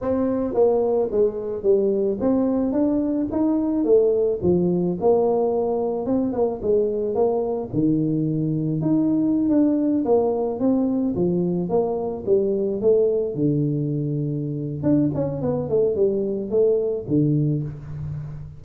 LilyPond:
\new Staff \with { instrumentName = "tuba" } { \time 4/4 \tempo 4 = 109 c'4 ais4 gis4 g4 | c'4 d'4 dis'4 a4 | f4 ais2 c'8 ais8 | gis4 ais4 dis2 |
dis'4~ dis'16 d'4 ais4 c'8.~ | c'16 f4 ais4 g4 a8.~ | a16 d2~ d8. d'8 cis'8 | b8 a8 g4 a4 d4 | }